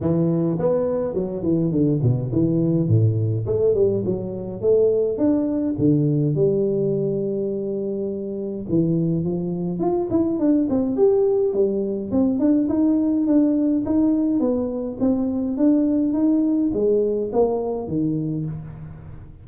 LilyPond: \new Staff \with { instrumentName = "tuba" } { \time 4/4 \tempo 4 = 104 e4 b4 fis8 e8 d8 b,8 | e4 a,4 a8 g8 fis4 | a4 d'4 d4 g4~ | g2. e4 |
f4 f'8 e'8 d'8 c'8 g'4 | g4 c'8 d'8 dis'4 d'4 | dis'4 b4 c'4 d'4 | dis'4 gis4 ais4 dis4 | }